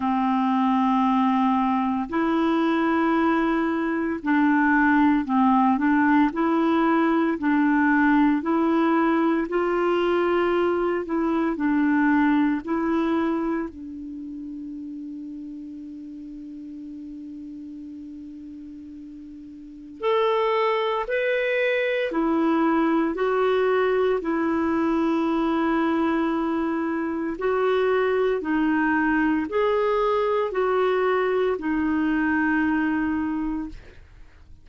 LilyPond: \new Staff \with { instrumentName = "clarinet" } { \time 4/4 \tempo 4 = 57 c'2 e'2 | d'4 c'8 d'8 e'4 d'4 | e'4 f'4. e'8 d'4 | e'4 d'2.~ |
d'2. a'4 | b'4 e'4 fis'4 e'4~ | e'2 fis'4 dis'4 | gis'4 fis'4 dis'2 | }